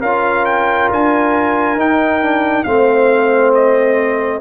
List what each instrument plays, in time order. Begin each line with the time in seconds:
0.00 tuba C#4, trombone F4, horn A#4, trumpet F5
0.45 trumpet G5
0.90 tuba D4, trumpet G#5
1.75 tuba D#4, trombone D#4, trumpet G5
2.22 trombone D4
2.63 tuba A3, trombone C4, horn C5, trumpet F5
3.54 trumpet D#5